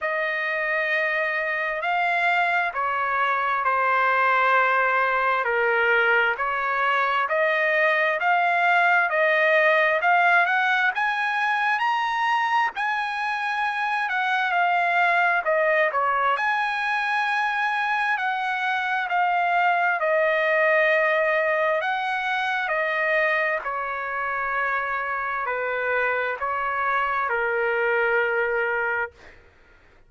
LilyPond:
\new Staff \with { instrumentName = "trumpet" } { \time 4/4 \tempo 4 = 66 dis''2 f''4 cis''4 | c''2 ais'4 cis''4 | dis''4 f''4 dis''4 f''8 fis''8 | gis''4 ais''4 gis''4. fis''8 |
f''4 dis''8 cis''8 gis''2 | fis''4 f''4 dis''2 | fis''4 dis''4 cis''2 | b'4 cis''4 ais'2 | }